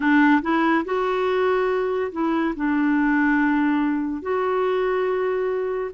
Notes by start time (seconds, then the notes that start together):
0.00 D4
0.42 E4
0.85 F#4
2.12 E4
2.55 D4
4.21 F#4